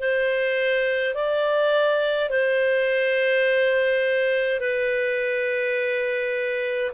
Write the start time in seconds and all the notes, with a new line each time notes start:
0.00 C5
1.15 D5
2.30 C5
4.60 B4